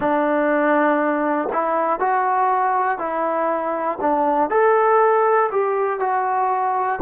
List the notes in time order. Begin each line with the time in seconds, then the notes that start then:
0.00 D4
1.52 E4
2.00 F#4
2.98 E4
4.00 D4
4.50 A4
5.51 G4
6.00 F#4